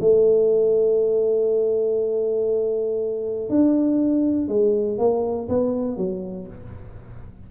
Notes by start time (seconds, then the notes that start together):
0.00 A3
3.49 D4
4.48 G#3
4.98 A#3
5.48 B3
5.97 F#3